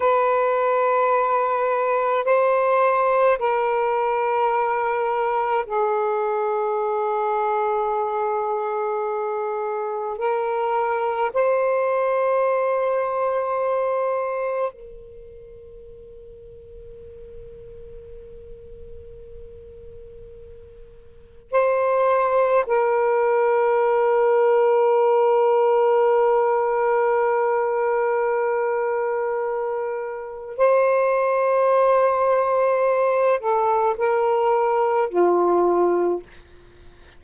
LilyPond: \new Staff \with { instrumentName = "saxophone" } { \time 4/4 \tempo 4 = 53 b'2 c''4 ais'4~ | ais'4 gis'2.~ | gis'4 ais'4 c''2~ | c''4 ais'2.~ |
ais'2. c''4 | ais'1~ | ais'2. c''4~ | c''4. a'8 ais'4 f'4 | }